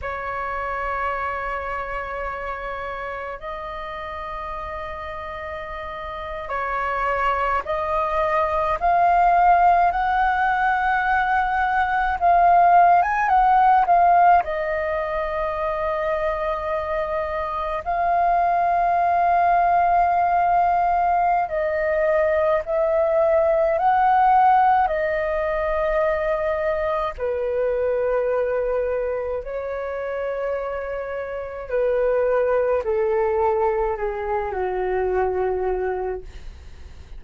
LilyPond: \new Staff \with { instrumentName = "flute" } { \time 4/4 \tempo 4 = 53 cis''2. dis''4~ | dis''4.~ dis''16 cis''4 dis''4 f''16~ | f''8. fis''2 f''8. gis''16 fis''16~ | fis''16 f''8 dis''2. f''16~ |
f''2. dis''4 | e''4 fis''4 dis''2 | b'2 cis''2 | b'4 a'4 gis'8 fis'4. | }